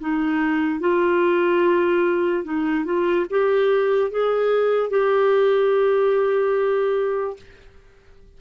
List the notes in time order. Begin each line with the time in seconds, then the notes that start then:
0.00 D#4
0.80 F4
2.44 D#4
2.85 F4
3.30 G4
4.11 G#4
4.90 G4